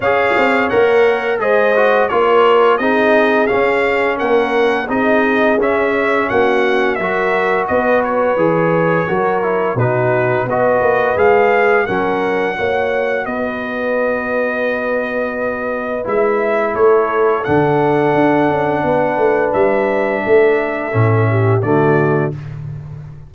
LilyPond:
<<
  \new Staff \with { instrumentName = "trumpet" } { \time 4/4 \tempo 4 = 86 f''4 fis''4 dis''4 cis''4 | dis''4 f''4 fis''4 dis''4 | e''4 fis''4 e''4 dis''8 cis''8~ | cis''2 b'4 dis''4 |
f''4 fis''2 dis''4~ | dis''2. e''4 | cis''4 fis''2. | e''2. d''4 | }
  \new Staff \with { instrumentName = "horn" } { \time 4/4 cis''2 c''4 ais'4 | gis'2 ais'4 gis'4~ | gis'4 fis'4 ais'4 b'4~ | b'4 ais'4 fis'4 b'4~ |
b'4 ais'4 cis''4 b'4~ | b'1 | a'2. b'4~ | b'4 a'4. g'8 fis'4 | }
  \new Staff \with { instrumentName = "trombone" } { \time 4/4 gis'4 ais'4 gis'8 fis'8 f'4 | dis'4 cis'2 dis'4 | cis'2 fis'2 | gis'4 fis'8 e'8 dis'4 fis'4 |
gis'4 cis'4 fis'2~ | fis'2. e'4~ | e'4 d'2.~ | d'2 cis'4 a4 | }
  \new Staff \with { instrumentName = "tuba" } { \time 4/4 cis'8 c'8 ais4 gis4 ais4 | c'4 cis'4 ais4 c'4 | cis'4 ais4 fis4 b4 | e4 fis4 b,4 b8 ais8 |
gis4 fis4 ais4 b4~ | b2. gis4 | a4 d4 d'8 cis'8 b8 a8 | g4 a4 a,4 d4 | }
>>